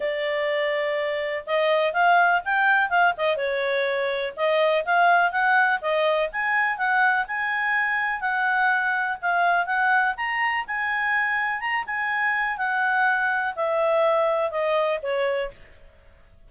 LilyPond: \new Staff \with { instrumentName = "clarinet" } { \time 4/4 \tempo 4 = 124 d''2. dis''4 | f''4 g''4 f''8 dis''8 cis''4~ | cis''4 dis''4 f''4 fis''4 | dis''4 gis''4 fis''4 gis''4~ |
gis''4 fis''2 f''4 | fis''4 ais''4 gis''2 | ais''8 gis''4. fis''2 | e''2 dis''4 cis''4 | }